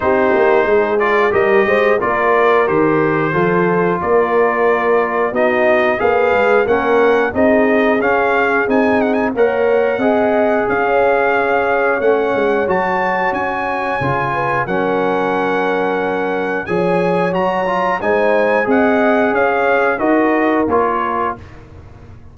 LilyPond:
<<
  \new Staff \with { instrumentName = "trumpet" } { \time 4/4 \tempo 4 = 90 c''4. d''8 dis''4 d''4 | c''2 d''2 | dis''4 f''4 fis''4 dis''4 | f''4 gis''8 fis''16 gis''16 fis''2 |
f''2 fis''4 a''4 | gis''2 fis''2~ | fis''4 gis''4 ais''4 gis''4 | fis''4 f''4 dis''4 cis''4 | }
  \new Staff \with { instrumentName = "horn" } { \time 4/4 g'4 gis'4 ais'8 c''8 ais'4~ | ais'4 a'4 ais'2 | fis'4 b'4 ais'4 gis'4~ | gis'2 cis''4 dis''4 |
cis''1~ | cis''4. b'8 ais'2~ | ais'4 cis''2 c''4 | dis''4 cis''4 ais'2 | }
  \new Staff \with { instrumentName = "trombone" } { \time 4/4 dis'4. f'8 g'4 f'4 | g'4 f'2. | dis'4 gis'4 cis'4 dis'4 | cis'4 dis'4 ais'4 gis'4~ |
gis'2 cis'4 fis'4~ | fis'4 f'4 cis'2~ | cis'4 gis'4 fis'8 f'8 dis'4 | gis'2 fis'4 f'4 | }
  \new Staff \with { instrumentName = "tuba" } { \time 4/4 c'8 ais8 gis4 g8 gis8 ais4 | dis4 f4 ais2 | b4 ais8 gis8 ais4 c'4 | cis'4 c'4 ais4 c'4 |
cis'2 a8 gis8 fis4 | cis'4 cis4 fis2~ | fis4 f4 fis4 gis4 | c'4 cis'4 dis'4 ais4 | }
>>